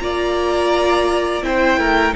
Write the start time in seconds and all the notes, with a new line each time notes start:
0.00 A#3 F4 D5 A#5
1.42 C4 E4 C5 G5
1.78 A3 A#4